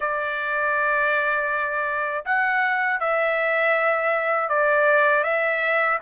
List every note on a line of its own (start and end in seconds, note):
0.00 2.24 D5
2.25 3.00 F#5
3.00 4.48 E5
4.48 5.23 D5
5.23 5.98 E5